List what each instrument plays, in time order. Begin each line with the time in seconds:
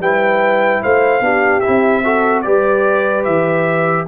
0.00 tuba G3, trombone E4, horn B4, trumpet G5
0.83 tuba A3, horn C5, trumpet F5
1.21 tuba B3, trombone D4, horn G4
1.61 trombone E4, trumpet E5
1.68 tuba C4
2.04 trombone F#4, horn A4
2.43 tuba G3, trombone G4, horn B4, trumpet D5
3.25 tuba E3, trumpet E5